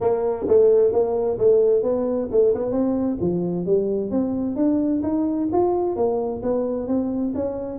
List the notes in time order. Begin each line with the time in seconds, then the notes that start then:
0.00 A#3
0.47 A3
0.92 A#3
1.38 A3
1.83 B3
2.31 A3
2.54 B3
2.71 C4
3.20 F3
3.66 G3
4.11 C4
4.56 D4
5.03 D#4
5.52 F4
5.96 A#3
6.42 B3
6.87 C4
7.34 C#4